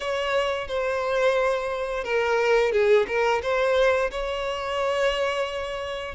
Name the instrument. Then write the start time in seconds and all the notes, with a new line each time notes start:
violin
0.00 C#5
0.67 C5
2.04 A#4
2.72 G#4
3.07 A#4
3.42 C5
4.10 C#5